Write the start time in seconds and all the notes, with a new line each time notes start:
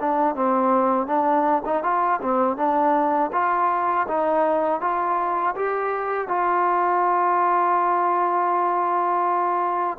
0.00 D4
0.35 C4
1.07 D4
1.65 D#4
1.83 F4
2.21 C4
2.57 D4
3.32 F4
4.08 D#4
4.80 F4
5.56 G4
6.28 F4